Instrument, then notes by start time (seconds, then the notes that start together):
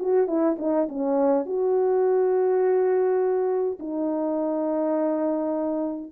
horn
0.00 F#4
0.28 E4
0.59 D#4
0.89 C#4
1.46 F#4
3.80 D#4